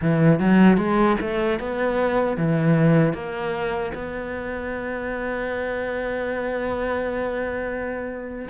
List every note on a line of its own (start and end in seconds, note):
0.01 0.39 E3
0.39 0.77 F#3
0.77 1.16 G#3
1.20 1.59 A3
1.59 2.37 B3
2.37 3.13 E3
3.13 3.92 A#3
3.94 8.48 B3